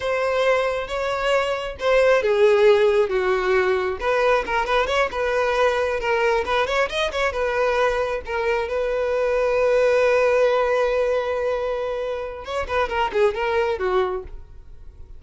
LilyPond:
\new Staff \with { instrumentName = "violin" } { \time 4/4 \tempo 4 = 135 c''2 cis''2 | c''4 gis'2 fis'4~ | fis'4 b'4 ais'8 b'8 cis''8 b'8~ | b'4. ais'4 b'8 cis''8 dis''8 |
cis''8 b'2 ais'4 b'8~ | b'1~ | b'1 | cis''8 b'8 ais'8 gis'8 ais'4 fis'4 | }